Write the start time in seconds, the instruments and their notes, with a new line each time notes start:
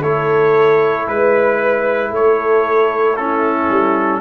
0.00 tuba A3, trombone E4, horn A4, trumpet C#5
1.07 tuba G#3, horn B4, trumpet B4
2.10 tuba A3, horn A4, trumpet C#5
3.16 trombone C#4, horn E4, trumpet A4
3.69 tuba G3